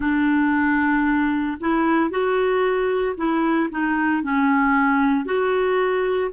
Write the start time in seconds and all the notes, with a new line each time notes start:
0.00 D4
1.60 E4
2.10 F#4
3.17 E4
3.70 D#4
4.22 C#4
5.25 F#4